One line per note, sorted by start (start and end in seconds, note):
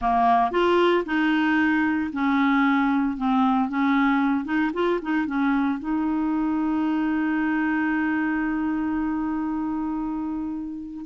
0.01 0.51 A#3
0.51 1.04 F4
1.05 2.10 D#4
2.12 3.17 C#4
3.17 3.69 C4
3.69 4.44 C#4
4.44 4.71 D#4
4.73 5.00 F4
5.01 5.26 D#4
5.26 5.79 C#4
5.79 11.05 D#4